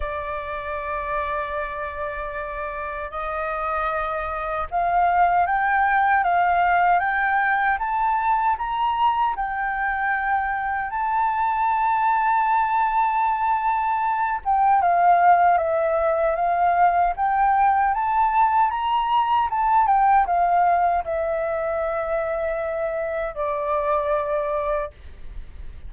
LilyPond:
\new Staff \with { instrumentName = "flute" } { \time 4/4 \tempo 4 = 77 d''1 | dis''2 f''4 g''4 | f''4 g''4 a''4 ais''4 | g''2 a''2~ |
a''2~ a''8 g''8 f''4 | e''4 f''4 g''4 a''4 | ais''4 a''8 g''8 f''4 e''4~ | e''2 d''2 | }